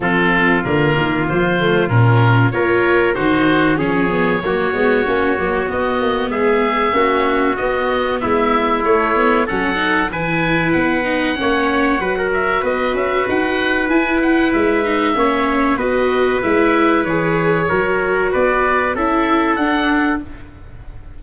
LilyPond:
<<
  \new Staff \with { instrumentName = "oboe" } { \time 4/4 \tempo 4 = 95 a'4 ais'4 c''4 ais'4 | cis''4 c''4 cis''2~ | cis''4 dis''4 e''2 | dis''4 e''4 cis''4 fis''4 |
gis''4 fis''2~ fis''8 e''8 | dis''8 e''8 fis''4 gis''8 fis''8 e''4~ | e''4 dis''4 e''4 cis''4~ | cis''4 d''4 e''4 fis''4 | }
  \new Staff \with { instrumentName = "trumpet" } { \time 4/4 f'1 | ais'4 fis'4 gis'4 fis'4~ | fis'2 gis'4 fis'4~ | fis'4 e'2 a'4 |
b'2 cis''4 b'16 ais'8. | b'1 | cis''4 b'2. | ais'4 b'4 a'2 | }
  \new Staff \with { instrumentName = "viola" } { \time 4/4 c'4 ais4. a8 cis'4 | f'4 dis'4 cis'8 b8 ais8 b8 | cis'8 ais8 b2 cis'4 | b2 a8 b8 cis'8 dis'8 |
e'4. dis'8 cis'4 fis'4~ | fis'2 e'4. dis'8 | cis'4 fis'4 e'4 gis'4 | fis'2 e'4 d'4 | }
  \new Staff \with { instrumentName = "tuba" } { \time 4/4 f4 d8 dis8 f4 ais,4 | ais4 dis4 f4 fis8 gis8 | ais8 fis8 b8 ais8 gis4 ais4 | b4 gis4 a4 fis4 |
e4 b4 ais4 fis4 | b8 cis'8 dis'4 e'4 gis4 | ais4 b4 gis4 e4 | fis4 b4 cis'4 d'4 | }
>>